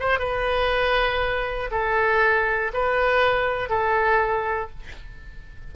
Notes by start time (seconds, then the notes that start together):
0.00 C5
0.19 B4
1.71 A4
2.74 B4
3.70 A4